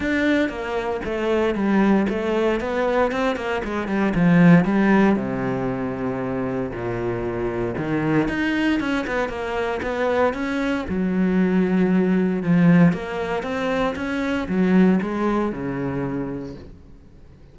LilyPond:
\new Staff \with { instrumentName = "cello" } { \time 4/4 \tempo 4 = 116 d'4 ais4 a4 g4 | a4 b4 c'8 ais8 gis8 g8 | f4 g4 c2~ | c4 ais,2 dis4 |
dis'4 cis'8 b8 ais4 b4 | cis'4 fis2. | f4 ais4 c'4 cis'4 | fis4 gis4 cis2 | }